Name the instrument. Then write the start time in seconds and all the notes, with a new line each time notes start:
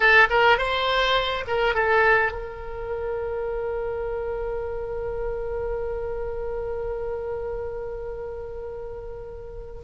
oboe
0.00 A4
0.30 A#4
0.57 C5
1.47 A#4
1.74 A4
2.32 A#4